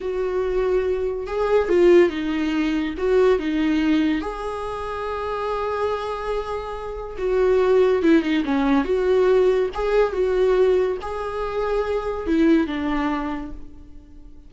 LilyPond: \new Staff \with { instrumentName = "viola" } { \time 4/4 \tempo 4 = 142 fis'2. gis'4 | f'4 dis'2 fis'4 | dis'2 gis'2~ | gis'1~ |
gis'4 fis'2 e'8 dis'8 | cis'4 fis'2 gis'4 | fis'2 gis'2~ | gis'4 e'4 d'2 | }